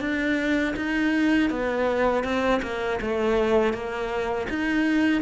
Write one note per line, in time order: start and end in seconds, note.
0.00 0.74 D4
0.76 1.50 D#4
1.50 2.24 B3
2.24 2.61 C4
2.62 2.99 A#3
3.01 3.73 A3
3.73 4.47 A#3
4.49 5.22 D#4